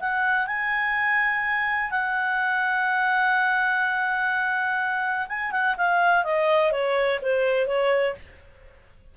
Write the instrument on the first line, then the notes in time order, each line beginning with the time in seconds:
clarinet
0.00 F#5
0.47 G#5
1.91 F#5
5.28 G#5
5.51 F#5
5.77 F5
6.24 D#5
6.72 C#5
7.22 C5
7.67 C#5